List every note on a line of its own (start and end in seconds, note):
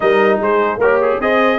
0.00 0.39 G3
0.00 0.78 D#4
0.00 0.39 A#4
0.00 0.40 D#5
0.39 0.77 G#3
0.39 0.79 G#4
0.39 0.80 C5
0.77 1.17 A#3
0.77 1.21 G4
0.77 1.00 A#4
0.77 1.20 C#5
1.01 1.20 G#4
1.20 1.59 C4
1.20 1.59 G#4
1.20 1.59 C5
1.20 1.59 D#5